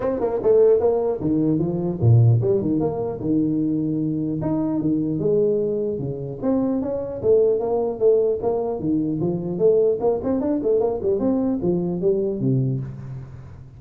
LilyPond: \new Staff \with { instrumentName = "tuba" } { \time 4/4 \tempo 4 = 150 c'8 ais8 a4 ais4 dis4 | f4 ais,4 g8 dis8 ais4 | dis2. dis'4 | dis4 gis2 cis4 |
c'4 cis'4 a4 ais4 | a4 ais4 dis4 f4 | a4 ais8 c'8 d'8 a8 ais8 g8 | c'4 f4 g4 c4 | }